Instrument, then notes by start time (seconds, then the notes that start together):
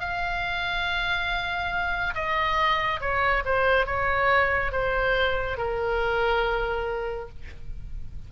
oboe
0.00 F5
2.15 D#5
3.01 C#5
3.45 C5
3.86 C#5
4.72 C5
5.58 A#4